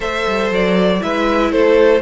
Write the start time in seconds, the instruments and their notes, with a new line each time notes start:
0.00 cello A3, viola A4, violin C5 E5
0.27 cello G3
0.50 cello F#3, violin D5
1.00 cello G#3, viola E4, violin B4 E5
1.51 cello A3, violin A4 C5